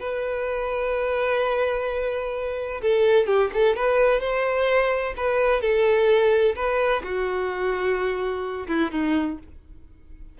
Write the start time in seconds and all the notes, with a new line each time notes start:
0.00 B4
2.82 A4
3.27 G4
3.54 A4
3.76 B4
4.21 C5
5.17 B4
5.61 A4
6.56 B4
7.03 F#4
8.68 E4
8.91 D#4